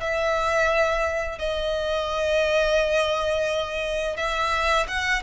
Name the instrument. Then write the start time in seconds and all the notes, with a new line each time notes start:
violin
0.00 E5
1.38 D#5
4.16 E5
4.87 F#5